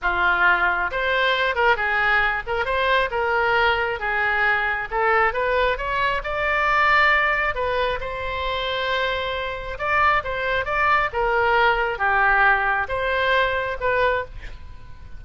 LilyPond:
\new Staff \with { instrumentName = "oboe" } { \time 4/4 \tempo 4 = 135 f'2 c''4. ais'8 | gis'4. ais'8 c''4 ais'4~ | ais'4 gis'2 a'4 | b'4 cis''4 d''2~ |
d''4 b'4 c''2~ | c''2 d''4 c''4 | d''4 ais'2 g'4~ | g'4 c''2 b'4 | }